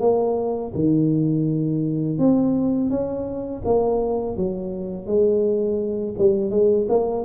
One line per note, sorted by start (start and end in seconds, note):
0.00 0.72 A#3
0.74 2.19 D#3
2.19 2.90 C4
2.90 3.62 C#4
3.65 4.37 A#3
4.37 5.06 F#3
5.06 6.15 G#3
6.18 6.51 G3
6.51 6.87 G#3
6.89 7.25 A#3